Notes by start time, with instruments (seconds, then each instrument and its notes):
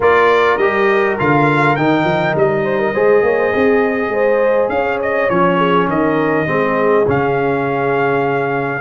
0.00 tuba A#3, trombone F4, horn A#4, trumpet D5
0.57 tuba G3, trombone G4, trumpet D#5
1.19 tuba D3, trombone F4, trumpet F5
1.76 tuba D#3, trombone D#4, trumpet G5
2.04 tuba F3
2.35 tuba G3, trumpet D#5
2.64 horn C5
2.79 horn A#4
2.93 tuba G#3, trombone G#4, horn C5
3.22 tuba A#3, horn C#5
3.38 horn C5
3.54 tuba C4, horn G#4
4.08 tuba G#3, horn C5
4.69 tuba C#4, horn C#5, trumpet F5
5.01 trumpet D#5
5.29 tuba F3, trombone C#4, trumpet C#5
5.57 horn G#4
5.87 tuba D#3, horn A#4, trumpet D#5
6.46 tuba G#3, trombone C4, horn G#4
7.07 tuba C#3, trombone C#4, trumpet F5